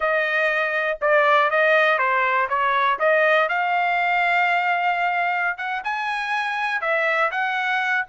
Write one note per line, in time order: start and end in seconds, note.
0.00 0.98 D#5
1.01 1.50 D5
1.50 1.98 D#5
1.98 2.47 C5
2.49 2.98 C#5
2.99 3.48 D#5
3.48 5.57 F5
5.57 5.82 F#5
5.84 6.81 G#5
6.81 7.30 E5
7.31 8.05 F#5